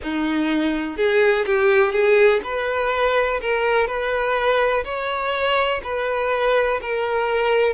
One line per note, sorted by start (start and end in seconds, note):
0.02 0.97 D#4
0.97 1.45 G#4
1.46 1.91 G4
1.91 2.40 G#4
2.43 3.40 B4
3.41 3.87 A#4
3.87 4.84 B4
4.84 5.81 C#5
5.83 6.80 B4
6.81 7.73 A#4